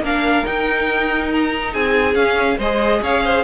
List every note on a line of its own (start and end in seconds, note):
0.00 0.43 A#3
0.00 0.45 D4
0.00 1.73 A#4
0.00 0.46 F5
0.45 2.15 D#4
0.45 1.75 D#4
0.45 1.32 G5
1.32 1.74 A#5
1.73 2.15 C4
1.73 2.58 G#4
1.73 2.15 G#5
2.15 2.57 C#4
2.15 2.58 C#4
2.15 2.58 F5
2.58 3.01 G#3
2.58 3.44 G#4
2.58 3.01 C5
2.58 3.03 D#5
3.02 3.44 C#4
3.02 3.24 C#5
3.02 3.44 F5
3.25 3.44 C5